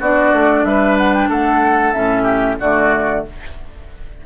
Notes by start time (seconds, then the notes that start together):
0.00 B3 D4 F#4 D5
0.33 A3
0.64 G3 B4 E5
0.98 F#5
1.14 G5
1.30 A3 A4 F#5
1.93 A2 C#4 E5
2.23 G4
2.61 D3 A3 F#4 D5